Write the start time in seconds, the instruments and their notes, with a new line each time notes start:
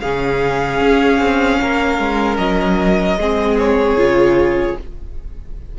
0.00 cello C#3, viola C#4, violin G#4 F5
0.80 cello C#4
1.18 cello C4
1.61 cello A#3, violin A#4
1.99 cello G#3
2.38 cello F#3, violin D#5
3.16 cello G#3, viola C4, violin G#4
3.58 violin C#5
3.94 cello C#3, viola F4